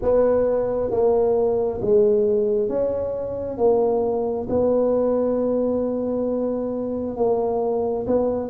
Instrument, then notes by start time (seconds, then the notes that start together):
tuba
0.02 B3
0.90 A#3
1.81 G#3
2.68 C#4
3.57 A#3
4.49 B3
7.16 A#3
8.06 B3